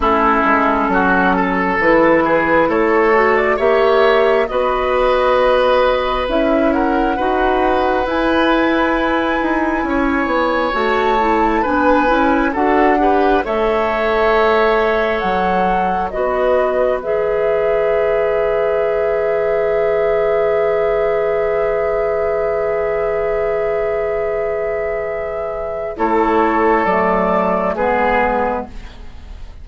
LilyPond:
<<
  \new Staff \with { instrumentName = "flute" } { \time 4/4 \tempo 4 = 67 a'2 b'4 cis''8. d''16 | e''4 dis''2 e''8 fis''8~ | fis''4 gis''2. | a''4 gis''4 fis''4 e''4~ |
e''4 fis''4 dis''4 e''4~ | e''1~ | e''1~ | e''4 cis''4 d''4 b'4 | }
  \new Staff \with { instrumentName = "oboe" } { \time 4/4 e'4 fis'8 a'4 gis'8 a'4 | cis''4 b'2~ b'8 ais'8 | b'2. cis''4~ | cis''4 b'4 a'8 b'8 cis''4~ |
cis''2 b'2~ | b'1~ | b'1~ | b'4 a'2 gis'4 | }
  \new Staff \with { instrumentName = "clarinet" } { \time 4/4 cis'2 e'4. fis'8 | g'4 fis'2 e'4 | fis'4 e'2. | fis'8 e'8 d'8 e'8 fis'8 g'8 a'4~ |
a'2 fis'4 gis'4~ | gis'1~ | gis'1~ | gis'4 e'4 a4 b4 | }
  \new Staff \with { instrumentName = "bassoon" } { \time 4/4 a8 gis8 fis4 e4 a4 | ais4 b2 cis'4 | dis'4 e'4. dis'8 cis'8 b8 | a4 b8 cis'8 d'4 a4~ |
a4 fis4 b4 e4~ | e1~ | e1~ | e4 a4 fis4 gis4 | }
>>